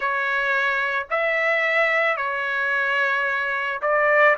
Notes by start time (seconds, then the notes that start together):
0.00 C#5
1.10 E5
2.17 C#5
3.81 D5